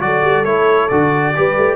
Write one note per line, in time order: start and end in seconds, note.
0.00 0.23 F#3
0.00 0.44 F#4
0.00 1.36 A4
0.00 0.44 D5
0.23 0.45 G3
0.44 0.90 A3
0.44 0.90 E4
0.44 0.88 C#5
0.88 1.35 D3
0.88 1.35 F#4
0.88 1.75 D5
1.35 1.57 G3
1.35 1.75 G4
1.35 1.75 B4
1.57 1.75 A3